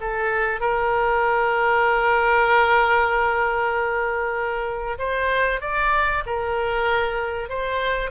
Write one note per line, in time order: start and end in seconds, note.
0.00 0.60 A4
0.60 4.98 A#4
4.98 5.61 C5
5.61 6.23 D5
6.26 7.49 A#4
7.49 8.11 C5